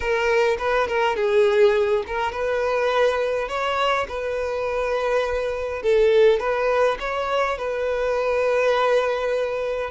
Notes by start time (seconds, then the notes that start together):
0.00 A#4
0.58 B4
0.87 A#4
1.16 G#4
2.06 A#4
2.31 B4
3.48 C#5
4.08 B4
5.82 A4
6.39 B4
6.99 C#5
7.58 B4